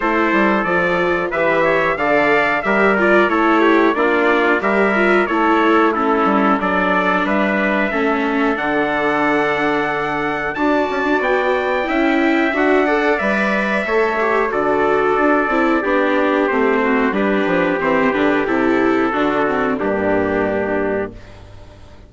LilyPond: <<
  \new Staff \with { instrumentName = "trumpet" } { \time 4/4 \tempo 4 = 91 c''4 d''4 e''4 f''4 | e''8 d''8 cis''4 d''4 e''4 | cis''4 a'4 d''4 e''4~ | e''4 fis''2. |
a''4 g''2 fis''4 | e''2 d''2~ | d''4 c''4 b'4 c''8 b'8 | a'2 g'2 | }
  \new Staff \with { instrumentName = "trumpet" } { \time 4/4 a'2 b'8 cis''8 d''4 | ais'4 a'8 g'8 f'4 ais'4 | a'4 e'4 a'4 b'4 | a'1 |
d''2 e''4. d''8~ | d''4 cis''4 a'2 | g'4. fis'8 g'2~ | g'4 fis'4 d'2 | }
  \new Staff \with { instrumentName = "viola" } { \time 4/4 e'4 f'4 g'4 a'4 | g'8 f'8 e'4 d'4 g'8 f'8 | e'4 cis'4 d'2 | cis'4 d'2. |
fis'2 e'4 fis'8 a'8 | b'4 a'8 g'8 fis'4. e'8 | d'4 c'4 d'4 c'8 d'8 | e'4 d'8 c'8 ais2 | }
  \new Staff \with { instrumentName = "bassoon" } { \time 4/4 a8 g8 f4 e4 d4 | g4 a4 ais4 g4 | a4. g8 fis4 g4 | a4 d2. |
d'8 cis'16 d'16 b4 cis'4 d'4 | g4 a4 d4 d'8 c'8 | b4 a4 g8 f8 e8 d8 | c4 d4 g,2 | }
>>